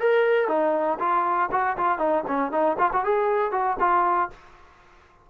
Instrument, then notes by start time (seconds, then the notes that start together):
trombone
0.00 A#4
0.49 D#4
0.99 F4
1.52 F#4
1.78 F4
1.99 D#4
2.28 C#4
2.52 D#4
2.79 F4
2.93 F#4
3.05 G#4
3.52 F#4
3.80 F4